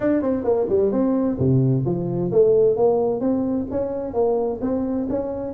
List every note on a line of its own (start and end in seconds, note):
0.00 0.21 D4
0.21 0.44 C4
0.44 0.67 A#3
0.69 0.91 G3
0.91 1.38 C4
1.38 1.84 C3
1.85 2.31 F3
2.31 2.76 A3
2.76 3.20 A#3
3.20 3.66 C4
3.70 4.13 C#4
4.13 4.59 A#3
4.61 5.07 C4
5.09 5.53 C#4